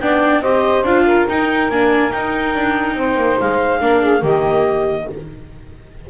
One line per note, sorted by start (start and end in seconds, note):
0.00 0.41 B3
0.00 0.43 D4
0.00 0.42 D5
0.00 0.42 G5
0.41 0.83 C4
0.41 0.85 G4
0.41 1.05 C5
0.41 0.84 D#5
0.83 1.25 D4
0.83 1.28 F4
0.83 1.27 F5
1.06 2.96 A#4
1.28 1.71 D#4
1.28 1.70 D#4
1.28 1.70 G5
1.70 2.12 A#3
1.70 2.11 D4
1.70 2.12 G#5
2.11 3.80 D#4
2.11 2.55 D#4
2.11 3.39 G5
2.55 2.95 D4
2.95 3.16 C4
2.95 3.80 C5
3.16 3.37 A#3
3.40 3.81 G#3
3.40 4.24 F5
3.80 4.23 A#3
3.80 4.21 D4
3.80 4.01 A#4
4.01 4.21 G#4
4.21 5.07 D#3
4.21 5.06 A#3
4.21 5.05 G4
4.21 5.10 D#5